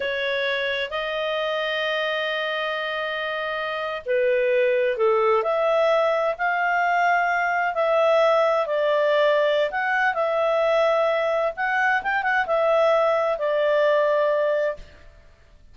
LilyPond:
\new Staff \with { instrumentName = "clarinet" } { \time 4/4 \tempo 4 = 130 cis''2 dis''2~ | dis''1~ | dis''8. b'2 a'4 e''16~ | e''4.~ e''16 f''2~ f''16~ |
f''8. e''2 d''4~ d''16~ | d''4 fis''4 e''2~ | e''4 fis''4 g''8 fis''8 e''4~ | e''4 d''2. | }